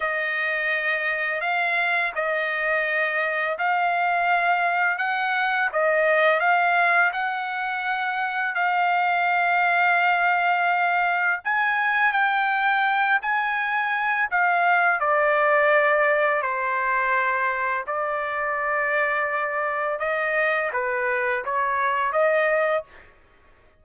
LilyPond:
\new Staff \with { instrumentName = "trumpet" } { \time 4/4 \tempo 4 = 84 dis''2 f''4 dis''4~ | dis''4 f''2 fis''4 | dis''4 f''4 fis''2 | f''1 |
gis''4 g''4. gis''4. | f''4 d''2 c''4~ | c''4 d''2. | dis''4 b'4 cis''4 dis''4 | }